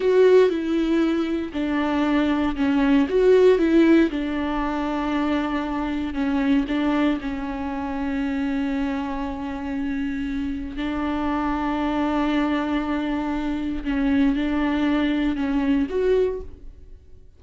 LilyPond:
\new Staff \with { instrumentName = "viola" } { \time 4/4 \tempo 4 = 117 fis'4 e'2 d'4~ | d'4 cis'4 fis'4 e'4 | d'1 | cis'4 d'4 cis'2~ |
cis'1~ | cis'4 d'2.~ | d'2. cis'4 | d'2 cis'4 fis'4 | }